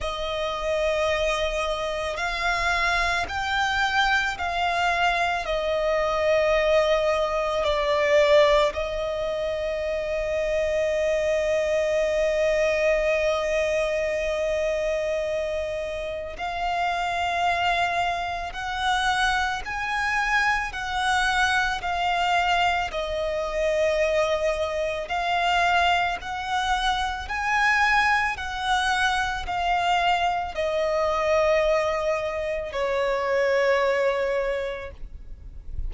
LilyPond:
\new Staff \with { instrumentName = "violin" } { \time 4/4 \tempo 4 = 55 dis''2 f''4 g''4 | f''4 dis''2 d''4 | dis''1~ | dis''2. f''4~ |
f''4 fis''4 gis''4 fis''4 | f''4 dis''2 f''4 | fis''4 gis''4 fis''4 f''4 | dis''2 cis''2 | }